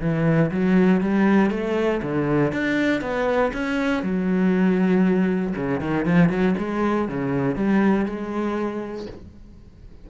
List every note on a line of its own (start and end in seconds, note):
0.00 0.50 E3
0.51 1.00 F#3
1.00 1.50 G3
1.50 2.01 A3
2.02 2.52 D3
2.52 3.01 D4
3.01 3.51 B3
3.53 4.02 C#4
4.02 5.54 F#3
5.56 5.80 C#3
5.80 6.05 D#3
6.05 6.29 F3
6.29 6.54 F#3
6.58 7.08 G#3
7.08 7.55 C#3
7.55 8.05 G3
8.05 9.06 G#3